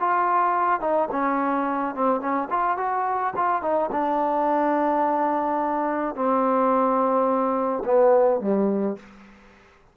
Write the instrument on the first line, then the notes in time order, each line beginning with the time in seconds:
trombone
0.00 F4
0.81 D#4
1.11 C#4
1.95 C4
2.20 C#4
2.50 F4
2.78 F#4
3.36 F4
3.62 D#4
3.92 D4
6.15 C4
7.85 B3
8.41 G3